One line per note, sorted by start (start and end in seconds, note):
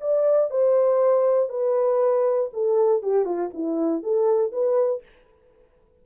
0.00 0.50 D5
0.50 1.49 C5
1.49 2.50 B4
2.53 3.02 A4
3.02 3.25 G4
3.25 3.50 F4
3.53 4.03 E4
4.03 4.52 A4
4.52 5.02 B4